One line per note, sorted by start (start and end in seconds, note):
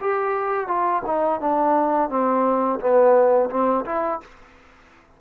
0.00 0.67 G4
0.67 1.02 F4
1.06 1.40 D#4
1.40 2.09 D4
2.09 2.79 C4
2.79 3.49 B3
3.49 3.84 C4
3.85 4.20 E4